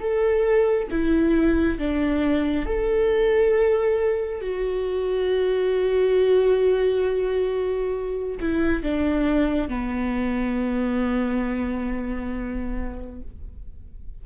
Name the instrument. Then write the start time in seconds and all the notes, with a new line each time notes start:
viola
0.00 A4
0.91 E4
1.78 D4
2.66 A4
4.41 F#4
8.40 E4
8.83 D4
9.69 B3